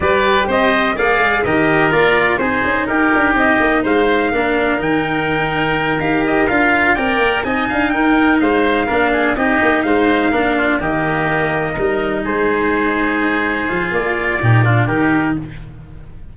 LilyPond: <<
  \new Staff \with { instrumentName = "trumpet" } { \time 4/4 \tempo 4 = 125 d''4 dis''4 f''4 dis''4 | d''4 c''4 ais'4 dis''4 | f''2 g''2~ | g''8 f''8 dis''8 f''4 g''4 gis''8~ |
gis''8 g''4 f''2 dis''8~ | dis''8 f''2 dis''4.~ | dis''4. c''2~ c''8~ | c''4 d''2 ais'4 | }
  \new Staff \with { instrumentName = "oboe" } { \time 4/4 b'4 c''4 d''4 ais'4~ | ais'4 gis'4 g'2 | c''4 ais'2.~ | ais'2~ ais'8 d''4 dis''8 |
f''8 ais'4 c''4 ais'8 gis'8 g'8~ | g'8 c''4 ais'8 f'8 g'4.~ | g'8 ais'4 gis'2~ gis'8~ | gis'2 g'8 f'8 g'4 | }
  \new Staff \with { instrumentName = "cello" } { \time 4/4 g'2 gis'4 g'4 | f'4 dis'2.~ | dis'4 d'4 dis'2~ | dis'8 g'4 f'4 ais'4 dis'8~ |
dis'2~ dis'8 d'4 dis'8~ | dis'4. d'4 ais4.~ | ais8 dis'2.~ dis'8~ | dis'8 f'4. dis'8 d'8 dis'4 | }
  \new Staff \with { instrumentName = "tuba" } { \time 4/4 g4 c'4 ais8 gis8 dis4 | ais4 c'8 cis'8 dis'8 d'8 c'8 ais8 | gis4 ais4 dis2~ | dis8 dis'4 d'4 c'8 ais8 c'8 |
d'8 dis'4 gis4 ais4 c'8 | ais8 gis4 ais4 dis4.~ | dis8 g4 gis2~ gis8~ | gis8 f8 ais4 ais,4 dis4 | }
>>